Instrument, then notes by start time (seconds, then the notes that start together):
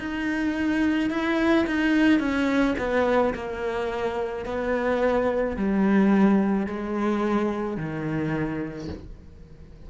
cello
0.00 D#4
1.11 E4
1.67 D#4
2.20 C#4
2.79 B3
3.35 A#3
4.46 B3
5.57 G3
6.67 G#3
7.77 D#3